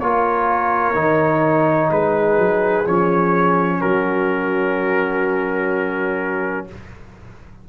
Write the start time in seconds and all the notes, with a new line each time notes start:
0.00 A#3 F4 A#4 C#5
0.94 D#3 D#4
1.90 G#3 G#4 B4
2.38 F#3
2.87 F3 C#4 C#5
3.79 F#3 F#4 A#4